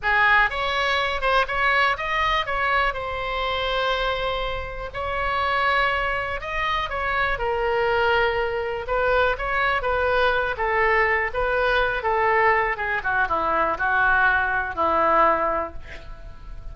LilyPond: \new Staff \with { instrumentName = "oboe" } { \time 4/4 \tempo 4 = 122 gis'4 cis''4. c''8 cis''4 | dis''4 cis''4 c''2~ | c''2 cis''2~ | cis''4 dis''4 cis''4 ais'4~ |
ais'2 b'4 cis''4 | b'4. a'4. b'4~ | b'8 a'4. gis'8 fis'8 e'4 | fis'2 e'2 | }